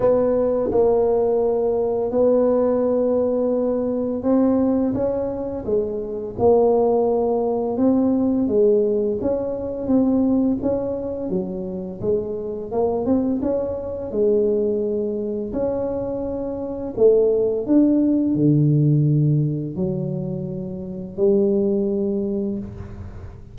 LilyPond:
\new Staff \with { instrumentName = "tuba" } { \time 4/4 \tempo 4 = 85 b4 ais2 b4~ | b2 c'4 cis'4 | gis4 ais2 c'4 | gis4 cis'4 c'4 cis'4 |
fis4 gis4 ais8 c'8 cis'4 | gis2 cis'2 | a4 d'4 d2 | fis2 g2 | }